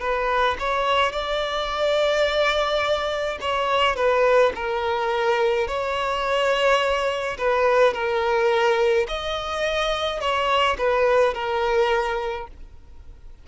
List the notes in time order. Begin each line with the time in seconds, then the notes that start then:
0.00 B4
0.59 C#5
1.12 D5
3.41 C#5
3.96 B4
4.55 A#4
5.68 C#5
7.38 B4
7.93 A#4
9.08 D#5
10.20 C#5
10.78 B4
11.34 A#4